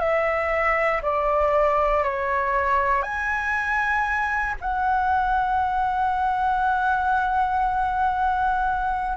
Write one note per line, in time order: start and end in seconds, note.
0.00 1.02 E5
1.02 2.04 D5
2.04 3.03 C#5
3.03 4.55 G#5
4.61 9.17 F#5